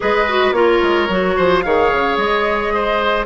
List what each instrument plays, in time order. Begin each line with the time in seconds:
0.00 bassoon G#3, clarinet G#4, oboe B4, flute D#5
0.28 clarinet F#4
0.51 bassoon A#3, clarinet F4, oboe A#4, flute C#5
0.82 bassoon G#3
1.08 bassoon F#3, clarinet F#4
1.36 bassoon F3, oboe C5
1.62 bassoon D#3, clarinet G#4, oboe C#5, flute F5
1.92 bassoon C#3
2.17 bassoon G#3, flute D#5
2.74 oboe C5